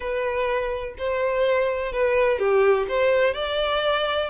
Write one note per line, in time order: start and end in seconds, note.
0.00 0.94 B4
0.98 1.92 C5
1.92 2.38 B4
2.38 2.86 G4
2.88 3.33 C5
3.33 4.29 D5